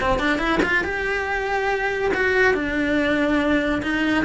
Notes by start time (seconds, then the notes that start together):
0.00 C4
0.19 D4
0.38 E4
0.62 F4
0.84 G4
2.14 F#4
2.53 D4
3.82 D#4